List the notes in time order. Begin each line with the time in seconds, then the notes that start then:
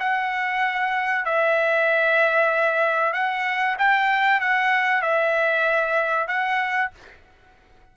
0.00 F#5
1.25 E5
3.13 F#5
3.79 G5
4.41 F#5
5.02 E5
6.28 F#5